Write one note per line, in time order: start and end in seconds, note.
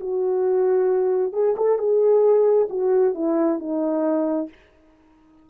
0.00 1.33 F#4
1.33 1.55 G#4
1.57 1.78 A4
1.78 2.68 G#4
2.70 3.15 F#4
3.15 3.59 E4
3.59 4.49 D#4